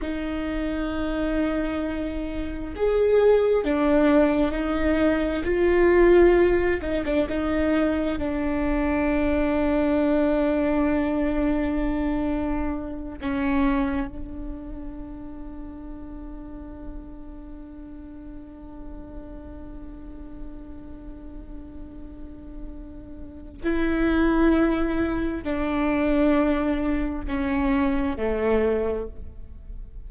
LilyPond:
\new Staff \with { instrumentName = "viola" } { \time 4/4 \tempo 4 = 66 dis'2. gis'4 | d'4 dis'4 f'4. dis'16 d'16 | dis'4 d'2.~ | d'2~ d'8 cis'4 d'8~ |
d'1~ | d'1~ | d'2 e'2 | d'2 cis'4 a4 | }